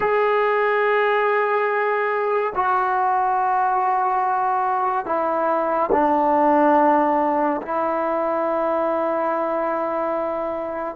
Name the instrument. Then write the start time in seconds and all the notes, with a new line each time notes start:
trombone
0.00 G#4
2.55 F#4
5.05 E4
5.92 D4
7.62 E4